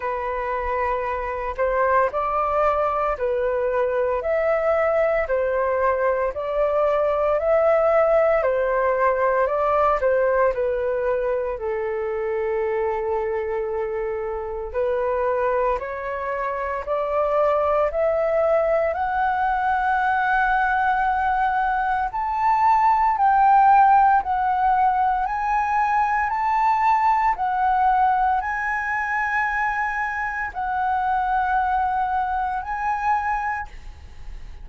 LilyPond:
\new Staff \with { instrumentName = "flute" } { \time 4/4 \tempo 4 = 57 b'4. c''8 d''4 b'4 | e''4 c''4 d''4 e''4 | c''4 d''8 c''8 b'4 a'4~ | a'2 b'4 cis''4 |
d''4 e''4 fis''2~ | fis''4 a''4 g''4 fis''4 | gis''4 a''4 fis''4 gis''4~ | gis''4 fis''2 gis''4 | }